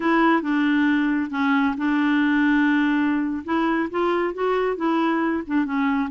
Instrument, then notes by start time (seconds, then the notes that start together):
clarinet
0.00 E4
0.42 D4
1.30 C#4
1.77 D4
3.44 E4
3.90 F4
4.34 F#4
4.76 E4
5.46 D4
5.65 C#4